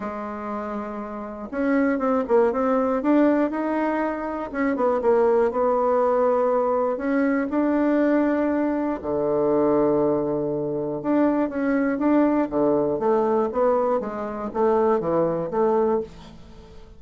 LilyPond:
\new Staff \with { instrumentName = "bassoon" } { \time 4/4 \tempo 4 = 120 gis2. cis'4 | c'8 ais8 c'4 d'4 dis'4~ | dis'4 cis'8 b8 ais4 b4~ | b2 cis'4 d'4~ |
d'2 d2~ | d2 d'4 cis'4 | d'4 d4 a4 b4 | gis4 a4 e4 a4 | }